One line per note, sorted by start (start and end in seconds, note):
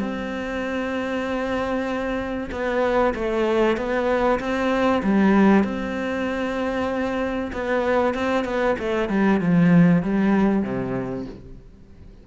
0.00 2.50 C4
2.52 3.14 B3
3.15 3.77 A3
3.77 4.39 B3
4.40 5.02 C4
5.03 5.64 G3
5.64 7.51 C4
7.53 8.14 B3
8.14 8.45 C4
8.45 8.76 B3
8.79 9.09 A3
9.09 9.41 G3
9.41 10.03 F3
10.03 10.63 G3
10.63 11.26 C3